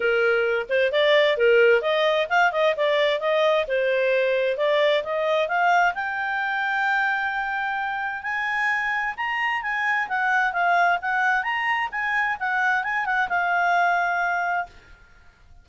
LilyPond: \new Staff \with { instrumentName = "clarinet" } { \time 4/4 \tempo 4 = 131 ais'4. c''8 d''4 ais'4 | dis''4 f''8 dis''8 d''4 dis''4 | c''2 d''4 dis''4 | f''4 g''2.~ |
g''2 gis''2 | ais''4 gis''4 fis''4 f''4 | fis''4 ais''4 gis''4 fis''4 | gis''8 fis''8 f''2. | }